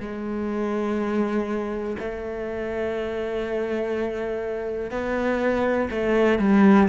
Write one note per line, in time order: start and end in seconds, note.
0.00 1.97 G#3
1.99 4.91 A3
4.91 5.89 B3
5.90 6.39 A3
6.39 6.88 G3